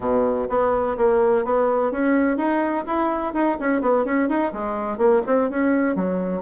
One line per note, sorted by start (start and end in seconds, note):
0.00 0.48 B2
0.49 0.96 B3
0.97 1.44 A#3
1.44 1.91 B3
1.91 2.37 C#4
2.37 2.84 D#4
2.86 3.33 E4
3.33 3.57 D#4
3.60 3.81 C#4
3.81 4.05 B3
4.05 4.28 C#4
4.28 4.52 D#4
4.52 4.97 G#3
4.97 5.21 A#3
5.26 5.50 C4
5.50 5.95 C#4
5.95 6.42 F#3